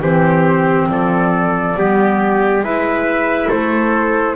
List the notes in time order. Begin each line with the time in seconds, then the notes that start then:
0.00 E3 C4 G4 C5
0.88 F3 A4 D5
1.75 G3 B3 G4
2.60 G#3 E4 B4 E5
3.48 A3 A4 C5